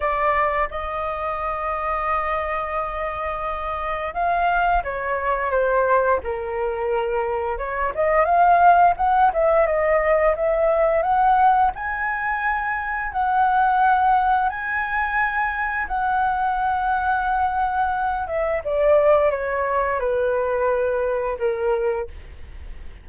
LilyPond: \new Staff \with { instrumentName = "flute" } { \time 4/4 \tempo 4 = 87 d''4 dis''2.~ | dis''2 f''4 cis''4 | c''4 ais'2 cis''8 dis''8 | f''4 fis''8 e''8 dis''4 e''4 |
fis''4 gis''2 fis''4~ | fis''4 gis''2 fis''4~ | fis''2~ fis''8 e''8 d''4 | cis''4 b'2 ais'4 | }